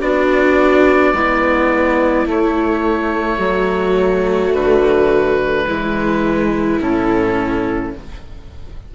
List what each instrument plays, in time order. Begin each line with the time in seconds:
0.00 bassoon B3, cello D4, viola F#4, oboe D5
1.13 bassoon G#3, cello B3, viola E4
2.25 cello A3, bassoon A3, oboe C#5
3.38 bassoon F#3, viola F#4
4.53 bassoon D3, oboe B4
5.67 bassoon E3, cello G#3, viola E4
6.80 bassoon A2, cello C#4, oboe A4